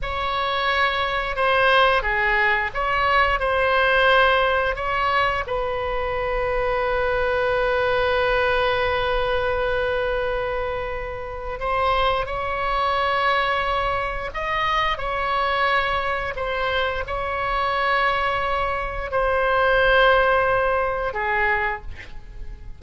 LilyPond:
\new Staff \with { instrumentName = "oboe" } { \time 4/4 \tempo 4 = 88 cis''2 c''4 gis'4 | cis''4 c''2 cis''4 | b'1~ | b'1~ |
b'4 c''4 cis''2~ | cis''4 dis''4 cis''2 | c''4 cis''2. | c''2. gis'4 | }